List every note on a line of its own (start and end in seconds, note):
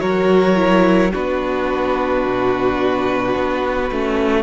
0.00 1.13 F#3
0.00 0.55 F#4
0.00 1.12 A#4
0.00 1.11 C#5
0.55 1.11 E4
1.12 2.25 B3
1.12 3.91 D4
1.12 4.43 F#4
1.12 4.43 B4
2.25 3.35 B2
3.35 3.91 B3
3.91 4.43 A3
3.91 4.43 C#4